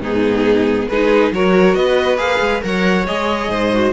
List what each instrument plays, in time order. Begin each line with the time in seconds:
0.00 cello G#2, viola B3, violin D#4 G#4
0.88 cello G#3, viola D#4, violin G#4 B4
1.31 cello F#3, viola F#4, violin A#4 C#5
1.74 cello B3, violin B4 D#5
2.17 cello A#3, viola G#4, violin F5
2.40 cello G#3
2.61 cello F#3, viola A#4, violin C#5 F#5
3.06 cello G#3, viola G#4, violin D#5
3.49 cello G#2, violin C5
3.72 viola F#4